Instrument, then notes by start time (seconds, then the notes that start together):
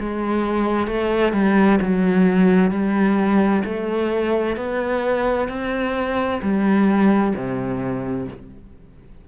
cello
0.00 G#3
0.87 A3
1.33 G3
1.81 F#3
2.71 G3
3.65 A3
4.57 B3
5.49 C4
6.42 G3
7.36 C3